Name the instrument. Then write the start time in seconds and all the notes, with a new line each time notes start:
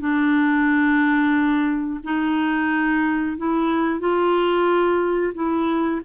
clarinet
0.00 D4
2.04 D#4
3.38 E4
4.00 F4
5.35 E4